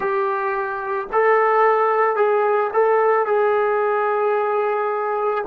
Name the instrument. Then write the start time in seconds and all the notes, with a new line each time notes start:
trombone
0.00 G4
1.12 A4
2.16 G#4
2.73 A4
3.26 G#4